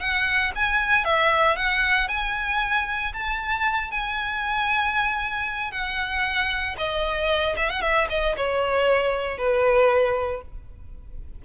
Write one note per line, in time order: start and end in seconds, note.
0.00 0.52 F#5
0.56 1.05 G#5
1.05 1.56 E5
1.56 2.08 F#5
2.08 3.13 G#5
3.14 3.91 A5
3.91 5.72 G#5
5.72 6.76 F#5
6.78 7.56 D#5
7.57 7.70 E5
7.70 7.82 F#5
7.82 8.08 E5
8.10 8.36 D#5
8.37 9.38 C#5
9.38 10.42 B4